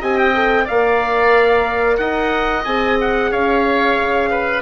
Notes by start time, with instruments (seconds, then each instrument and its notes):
0.00 bassoon C4, horn G4, oboe D#5, trumpet G#5
0.18 trumpet G5
0.34 horn A4
0.65 bassoon A#3, oboe D5, trumpet F5
0.71 horn A#4
1.97 bassoon D#4, oboe D#5, trumpet F#5
2.64 bassoon C4, horn G#4, trumpet G#5
3.01 trumpet F#5
3.31 bassoon C#4, oboe C#5, trumpet F5
4.00 bassoon C#3
4.30 oboe B4